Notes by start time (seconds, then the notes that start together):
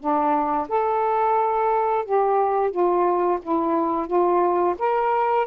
0.00 D4
0.69 A4
2.05 G4
2.71 F4
3.43 E4
4.07 F4
4.79 A#4